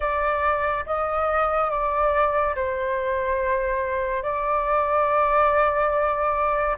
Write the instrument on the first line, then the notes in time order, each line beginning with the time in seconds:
flute
0.00 D5
0.86 D#5
1.70 D5
2.55 C5
4.23 D5